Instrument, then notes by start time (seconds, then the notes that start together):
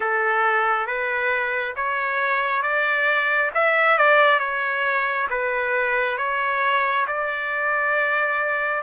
trumpet
0.00 A4
0.86 B4
1.76 C#5
2.62 D5
3.54 E5
3.97 D5
4.39 C#5
5.29 B4
6.17 C#5
7.07 D5